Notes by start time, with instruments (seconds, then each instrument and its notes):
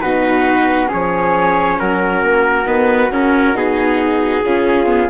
0.00 bassoon B2, viola D#4, flute F#4, trumpet B4
0.87 bassoon F3, viola C#4, flute G#4, trumpet C#5
1.78 bassoon F#3, flute F#4, trumpet A#4
2.22 bassoon A#3
2.65 bassoon D#3, viola B3, trumpet B4
3.10 bassoon C#3, viola C#4, trumpet A#4
3.53 bassoon B2, viola D#4, trumpet G#4
4.43 bassoon C#3, viola C#4, flute F4
4.86 viola B3